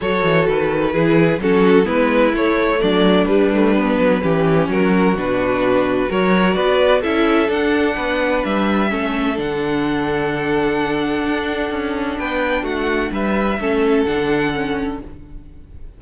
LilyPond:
<<
  \new Staff \with { instrumentName = "violin" } { \time 4/4 \tempo 4 = 128 cis''4 b'2 a'4 | b'4 cis''4 d''4 b'4~ | b'2 ais'4 b'4~ | b'4 cis''4 d''4 e''4 |
fis''2 e''2 | fis''1~ | fis''2 g''4 fis''4 | e''2 fis''2 | }
  \new Staff \with { instrumentName = "violin" } { \time 4/4 a'2 gis'4 fis'4 | e'2 d'2~ | d'4 g'4 fis'2~ | fis'4 ais'4 b'4 a'4~ |
a'4 b'2 a'4~ | a'1~ | a'2 b'4 fis'4 | b'4 a'2. | }
  \new Staff \with { instrumentName = "viola" } { \time 4/4 fis'2 e'4 cis'4 | b4 a2 g8 a8 | b4 cis'2 d'4~ | d'4 fis'2 e'4 |
d'2. cis'4 | d'1~ | d'1~ | d'4 cis'4 d'4 cis'4 | }
  \new Staff \with { instrumentName = "cello" } { \time 4/4 fis8 e8 dis4 e4 fis4 | gis4 a4 fis4 g4~ | g8 fis8 e4 fis4 b,4~ | b,4 fis4 b4 cis'4 |
d'4 b4 g4 a4 | d1 | d'4 cis'4 b4 a4 | g4 a4 d2 | }
>>